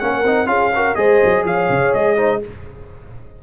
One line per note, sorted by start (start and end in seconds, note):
0.00 0.24 A#3
0.00 0.25 C#4
0.00 0.49 A#4
0.00 0.47 F#5
0.24 0.47 C4
0.24 0.47 D#4
0.47 0.95 C#4
0.47 0.71 F4
0.47 0.73 G#4
0.47 0.95 F5
0.76 0.96 F#4
0.76 0.98 A#4
0.95 1.21 G#3
0.95 2.17 G#4
0.95 1.46 C5
0.95 1.43 D#5
1.24 1.45 F#3
1.45 1.69 F3
1.45 2.17 C#5
1.45 1.94 F5
1.69 1.94 C#3
1.94 2.43 G#3
1.94 2.42 D#5
2.17 2.41 D#4
2.17 2.41 C5